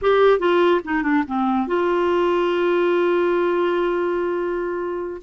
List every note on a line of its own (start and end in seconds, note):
0.01 0.39 G4
0.39 0.80 F4
0.84 1.02 D#4
1.02 1.23 D4
1.27 1.67 C4
1.67 5.21 F4